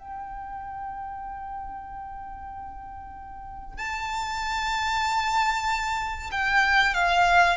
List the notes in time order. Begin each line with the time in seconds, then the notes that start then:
0.00 G5
3.78 A5
6.32 G5
6.95 F5